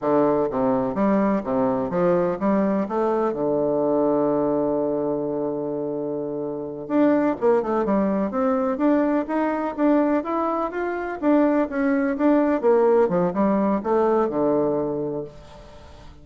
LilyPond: \new Staff \with { instrumentName = "bassoon" } { \time 4/4 \tempo 4 = 126 d4 c4 g4 c4 | f4 g4 a4 d4~ | d1~ | d2~ d8 d'4 ais8 |
a8 g4 c'4 d'4 dis'8~ | dis'8 d'4 e'4 f'4 d'8~ | d'8 cis'4 d'4 ais4 f8 | g4 a4 d2 | }